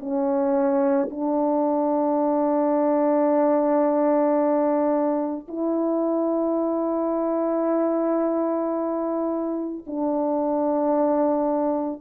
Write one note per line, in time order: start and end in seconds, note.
0.00 1.09 C#4
1.11 5.47 D4
5.48 9.85 E4
9.87 12.01 D4